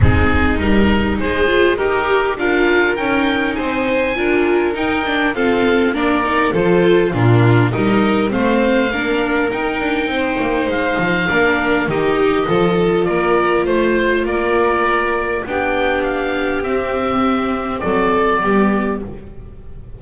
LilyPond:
<<
  \new Staff \with { instrumentName = "oboe" } { \time 4/4 \tempo 4 = 101 gis'4 ais'4 c''4 ais'4 | f''4 g''4 gis''2 | g''4 f''4 d''4 c''4 | ais'4 dis''4 f''2 |
g''2 f''2 | dis''2 d''4 c''4 | d''2 g''4 f''4 | e''2 d''2 | }
  \new Staff \with { instrumentName = "violin" } { \time 4/4 dis'2 gis'4 g'4 | ais'2 c''4 ais'4~ | ais'4 a'4 ais'4 a'4 | f'4 ais'4 c''4 ais'4~ |
ais'4 c''2 ais'4 | g'4 a'4 ais'4 c''4 | ais'2 g'2~ | g'2 a'4 g'4 | }
  \new Staff \with { instrumentName = "viola" } { \time 4/4 c'4 dis'4. f'8 g'4 | f'4 dis'2 f'4 | dis'8 d'8 c'4 d'8 dis'8 f'4 | d'4 dis'4 c'4 d'4 |
dis'2. d'4 | dis'4 f'2.~ | f'2 d'2 | c'2. b4 | }
  \new Staff \with { instrumentName = "double bass" } { \time 4/4 gis4 g4 gis4 dis'4 | d'4 cis'4 c'4 d'4 | dis'4 f'4 ais4 f4 | ais,4 g4 a4 ais4 |
dis'8 d'8 c'8 ais8 gis8 f8 ais4 | dis4 f4 ais4 a4 | ais2 b2 | c'2 fis4 g4 | }
>>